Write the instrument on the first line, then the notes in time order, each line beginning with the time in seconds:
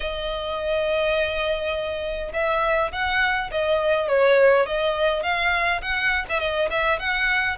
violin
0.00 D#5
2.33 E5
2.92 F#5
3.51 D#5
4.08 C#5
4.66 D#5
5.23 F5
5.81 F#5
6.29 E5
6.39 D#5
6.70 E5
6.99 F#5